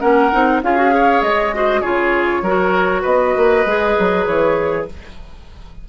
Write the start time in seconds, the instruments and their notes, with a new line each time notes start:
0.00 bassoon A#3, clarinet C#4, oboe A#4, flute F#5
0.32 bassoon C4, clarinet D#4
0.62 bassoon C#4, clarinet F4, oboe G#4, flute F5
0.77 clarinet F#4
0.90 clarinet G#4, oboe C#5
1.21 bassoon G#3, flute D#5
1.54 clarinet F#4, oboe C5
1.81 bassoon C#3, clarinet F4, oboe G#4, flute C#5
2.42 bassoon F#3, clarinet F#4, oboe A#4
3.02 bassoon B3, oboe B4, flute D#5
3.36 bassoon A#3
3.65 bassoon G#3, clarinet G#4
3.99 bassoon F#3
4.25 bassoon E3, flute C#5